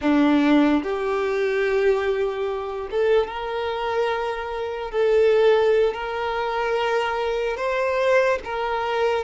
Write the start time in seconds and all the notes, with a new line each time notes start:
0.01 D4
0.83 G4
2.90 A4
3.27 A#4
4.91 A4
5.93 A#4
7.56 C5
8.44 A#4